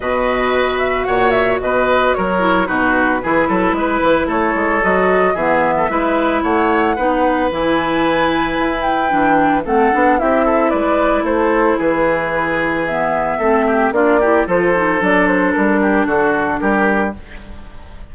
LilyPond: <<
  \new Staff \with { instrumentName = "flute" } { \time 4/4 \tempo 4 = 112 dis''4. e''8 fis''8 e''8 dis''4 | cis''4 b'2. | cis''4 dis''4 e''2 | fis''2 gis''2~ |
gis''8 g''4. fis''4 e''4 | d''4 c''4 b'2 | e''2 d''4 c''4 | d''8 c''8 ais'4 a'4 ais'4 | }
  \new Staff \with { instrumentName = "oboe" } { \time 4/4 b'2 cis''4 b'4 | ais'4 fis'4 gis'8 a'8 b'4 | a'2 gis'8. a'16 b'4 | cis''4 b'2.~ |
b'2 a'4 g'8 a'8 | b'4 a'4 gis'2~ | gis'4 a'8 g'8 f'8 g'8 a'4~ | a'4. g'8 fis'4 g'4 | }
  \new Staff \with { instrumentName = "clarinet" } { \time 4/4 fis'1~ | fis'8 e'8 dis'4 e'2~ | e'4 fis'4 b4 e'4~ | e'4 dis'4 e'2~ |
e'4 d'4 c'8 d'8 e'4~ | e'1 | b4 c'4 d'8 e'8 f'8 dis'8 | d'1 | }
  \new Staff \with { instrumentName = "bassoon" } { \time 4/4 b,2 ais,4 b,4 | fis4 b,4 e8 fis8 gis8 e8 | a8 gis8 fis4 e4 gis4 | a4 b4 e2 |
e'4 e4 a8 b8 c'4 | gis4 a4 e2~ | e4 a4 ais4 f4 | fis4 g4 d4 g4 | }
>>